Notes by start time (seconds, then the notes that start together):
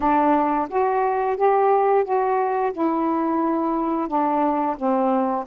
0.00 D4
0.69 F#4
1.36 G4
2.04 F#4
2.72 E4
4.08 D4
4.77 C4